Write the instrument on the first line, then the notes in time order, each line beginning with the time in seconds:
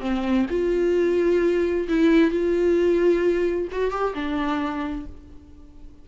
viola
0.00 C4
0.50 F4
1.88 E4
2.30 F4
3.71 F#4
3.91 G4
4.14 D4